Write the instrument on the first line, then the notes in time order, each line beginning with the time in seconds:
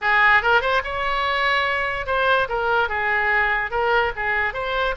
oboe
0.01 G#4
0.42 A#4
0.61 C5
0.84 C#5
2.06 C5
2.48 A#4
2.89 G#4
3.71 A#4
4.16 G#4
4.53 C5